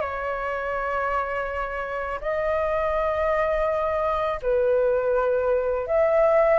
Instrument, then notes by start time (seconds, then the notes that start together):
flute
0.00 C#5
2.21 D#5
4.42 B4
5.87 E5